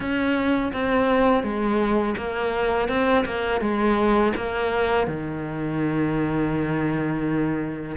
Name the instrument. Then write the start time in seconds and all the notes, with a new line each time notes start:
cello
0.00 C#4
0.73 C4
1.43 G#3
2.17 A#3
2.88 C4
3.25 A#3
3.60 G#3
4.36 A#3
5.07 D#3